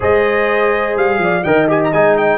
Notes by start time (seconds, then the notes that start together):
0.00 G#3 G#4 C5 D#5
0.95 G3 F5
1.18 F3 D5
1.43 D#3 A#4 D#5 G5
1.68 G4 G#5
1.84 A#5
1.92 G#3 D#4 G#5
2.17 G5